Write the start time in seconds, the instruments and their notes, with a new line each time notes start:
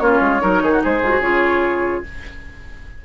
0.00 bassoon A#3, clarinet C#4, oboe F4, flute C#5
0.20 bassoon G#3
0.40 bassoon F#3, clarinet D#4, oboe A#4
0.62 bassoon D#3, oboe G#4
0.72 oboe F#4
0.82 bassoon G#3, oboe G#4, flute C5
1.01 bassoon G#2, clarinet F4
1.10 clarinet F#4
1.20 bassoon C#3, clarinet F4, flute C#5